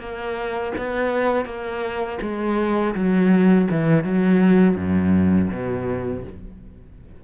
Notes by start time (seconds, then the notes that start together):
0.00 A#3
0.78 B3
1.46 A#3
2.22 G#3
2.95 F#3
3.71 E3
4.04 F#3
4.77 F#2
5.51 B2